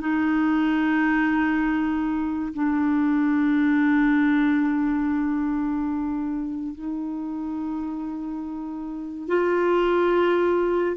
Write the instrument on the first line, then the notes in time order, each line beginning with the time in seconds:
clarinet
0.00 D#4
2.54 D4
6.75 D#4
9.28 F4